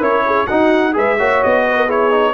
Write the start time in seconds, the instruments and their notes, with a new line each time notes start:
0.00 tuba C#4, trombone E4, horn A#4, trumpet C#5
0.26 horn G#4
0.47 trombone D#4, tuba D#4, horn F#4, trumpet F#5
0.93 tuba G#3, trombone G#4, horn B4, trumpet E5
1.18 tuba A#3, trombone F#4, horn C#5
1.43 tuba B3, trumpet D#5
1.69 horn B4
1.78 horn A#4
1.86 trombone E4, horn G#4, trumpet C#5
2.11 trombone D#4